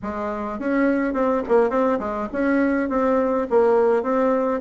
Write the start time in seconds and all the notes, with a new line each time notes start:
0.02 G#3
0.59 C#4
1.13 C4
1.48 A#3
1.70 C4
1.99 G#3
2.32 C#4
2.89 C4
3.50 A#3
4.03 C4